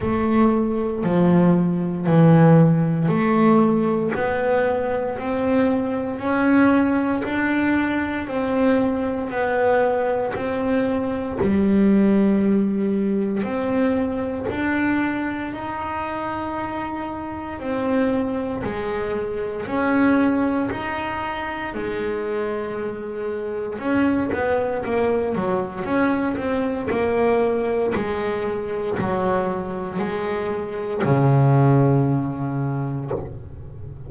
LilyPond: \new Staff \with { instrumentName = "double bass" } { \time 4/4 \tempo 4 = 58 a4 f4 e4 a4 | b4 c'4 cis'4 d'4 | c'4 b4 c'4 g4~ | g4 c'4 d'4 dis'4~ |
dis'4 c'4 gis4 cis'4 | dis'4 gis2 cis'8 b8 | ais8 fis8 cis'8 c'8 ais4 gis4 | fis4 gis4 cis2 | }